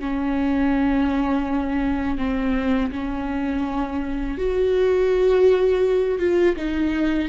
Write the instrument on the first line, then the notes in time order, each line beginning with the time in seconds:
viola
0.00 C#4
2.18 C4
2.92 C#4
4.38 F#4
6.19 F4
6.57 D#4